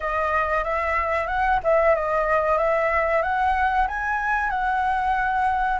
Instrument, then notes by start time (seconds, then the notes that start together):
flute
0.00 D#5
0.64 E5
1.27 F#5
1.63 E5
1.95 D#5
2.57 E5
3.22 F#5
3.87 G#5
4.50 F#5